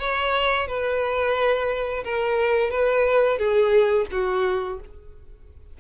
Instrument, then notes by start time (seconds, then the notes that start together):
violin
0.00 C#5
0.68 B4
2.05 A#4
2.71 B4
3.38 G#4
4.12 F#4